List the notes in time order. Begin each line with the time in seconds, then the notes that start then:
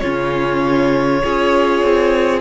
0.00 C#3 C#4 F4 C#5
1.24 C#4 F4 G#4
1.83 C4